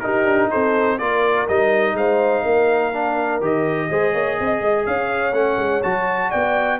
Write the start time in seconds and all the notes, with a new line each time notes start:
0.00 D#4 G4 A#4
0.24 D4
0.50 C4 A4 C5
0.98 A#3 F4 A#4 D5
1.48 G3 D#4 D#5
1.93 G#3 C5 F5
2.43 A#3 A#4
2.93 D4
3.41 D#3 G4 D#5
3.89 G#3 G#4 C5
4.13 A#3 C#5
4.38 C4 D#5
4.61 G#3
4.86 C#4 C#5 F5
5.32 A3 C#4 F#5
5.57 G#3
5.83 F#3 F#4 A5
6.30 B3 D5 G5